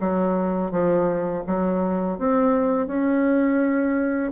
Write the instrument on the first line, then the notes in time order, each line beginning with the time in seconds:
bassoon
0.00 F#3
0.71 F3
1.47 F#3
2.19 C4
2.87 C#4